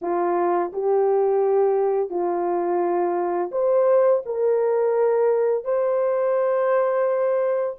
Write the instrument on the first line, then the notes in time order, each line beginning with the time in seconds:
horn
0.01 F4
0.73 G4
2.10 F4
3.51 C5
4.25 A#4
5.64 C5